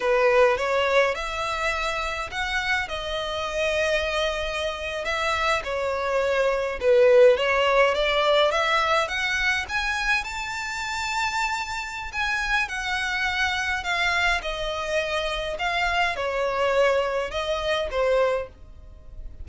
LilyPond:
\new Staff \with { instrumentName = "violin" } { \time 4/4 \tempo 4 = 104 b'4 cis''4 e''2 | fis''4 dis''2.~ | dis''8. e''4 cis''2 b'16~ | b'8. cis''4 d''4 e''4 fis''16~ |
fis''8. gis''4 a''2~ a''16~ | a''4 gis''4 fis''2 | f''4 dis''2 f''4 | cis''2 dis''4 c''4 | }